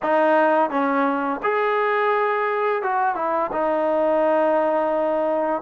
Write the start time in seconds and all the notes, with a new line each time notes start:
0.02 D#4
0.69 C#4
1.42 G#4
2.82 F#4
3.15 E4
3.52 D#4